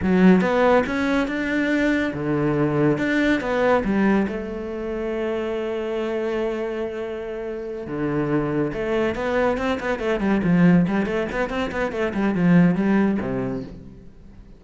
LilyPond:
\new Staff \with { instrumentName = "cello" } { \time 4/4 \tempo 4 = 141 fis4 b4 cis'4 d'4~ | d'4 d2 d'4 | b4 g4 a2~ | a1~ |
a2~ a8 d4.~ | d8 a4 b4 c'8 b8 a8 | g8 f4 g8 a8 b8 c'8 b8 | a8 g8 f4 g4 c4 | }